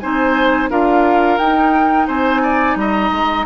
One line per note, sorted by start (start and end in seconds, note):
0.00 0.70 C4
0.00 0.70 D#4
0.00 0.70 C5
0.00 0.69 G#5
0.70 1.39 D4
0.70 1.39 F4
0.70 2.08 A#4
0.70 1.39 F5
1.39 2.08 D#4
1.39 3.46 D#4
1.39 2.07 G5
2.08 2.76 C4
2.08 2.42 C5
2.08 2.78 G#5
2.43 2.77 D5
2.76 3.10 G3
2.76 3.46 D#5
2.76 3.46 A#5
3.12 3.46 G#3